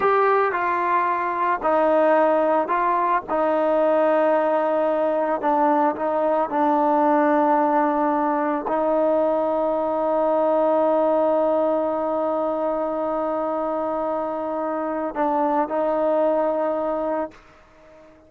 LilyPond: \new Staff \with { instrumentName = "trombone" } { \time 4/4 \tempo 4 = 111 g'4 f'2 dis'4~ | dis'4 f'4 dis'2~ | dis'2 d'4 dis'4 | d'1 |
dis'1~ | dis'1~ | dis'1 | d'4 dis'2. | }